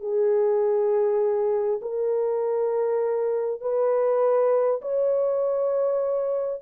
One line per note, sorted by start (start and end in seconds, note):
0.00 1.80 G#4
1.81 3.61 A#4
3.61 4.81 B4
4.81 6.61 C#5